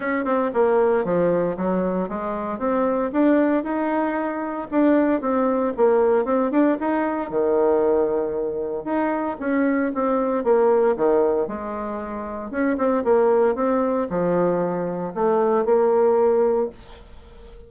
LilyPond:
\new Staff \with { instrumentName = "bassoon" } { \time 4/4 \tempo 4 = 115 cis'8 c'8 ais4 f4 fis4 | gis4 c'4 d'4 dis'4~ | dis'4 d'4 c'4 ais4 | c'8 d'8 dis'4 dis2~ |
dis4 dis'4 cis'4 c'4 | ais4 dis4 gis2 | cis'8 c'8 ais4 c'4 f4~ | f4 a4 ais2 | }